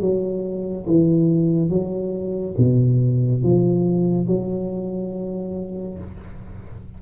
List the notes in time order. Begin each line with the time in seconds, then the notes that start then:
0.00 F#3
0.86 E3
1.69 F#3
2.57 B2
3.43 F3
4.27 F#3